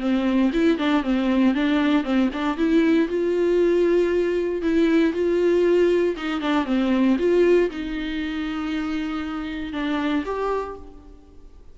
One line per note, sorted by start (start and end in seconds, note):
0.00 0.51 C4
0.53 0.78 E4
0.78 1.03 D4
1.03 1.55 C4
1.55 2.04 D4
2.04 2.30 C4
2.33 2.57 D4
2.57 3.08 E4
3.08 4.62 F4
4.62 5.13 E4
5.13 6.16 F4
6.16 6.41 D#4
6.41 6.65 D4
6.65 7.17 C4
7.19 7.70 F4
7.71 9.73 D#4
9.73 10.24 D4
10.25 10.76 G4